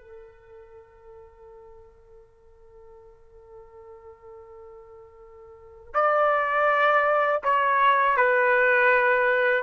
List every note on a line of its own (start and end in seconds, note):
0.00 5.93 A4
5.94 7.42 D5
7.43 8.16 C#5
8.16 9.63 B4